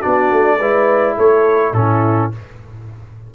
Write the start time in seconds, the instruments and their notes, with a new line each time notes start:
0.00 trombone D4, horn F#4, trumpet D5
0.06 tuba B3
0.31 tuba A3
0.59 tuba G#3, trombone E4, horn B4
1.17 tuba A3, horn A4, trumpet C#5
1.72 tuba A2, trombone C#4, horn E4, trumpet A4